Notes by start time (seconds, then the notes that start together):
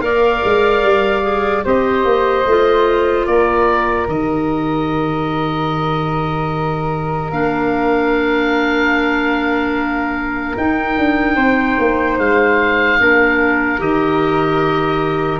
0.00 A#3 A#4 D5 F5
0.44 G#3
0.83 G3
1.23 G#4
1.64 C4 G4 C5 D#5
2.04 A#3
2.46 A3 F4
3.26 A#3 A#4 D5
4.07 D#3 G4 D#5
7.31 A#3 D4 F5
10.57 D#4 G5
10.98 D4
11.35 C4 C5
11.78 A#3
12.18 G#3 F5
13.00 A#3 D4 A#4
13.78 D#3 G4 D#5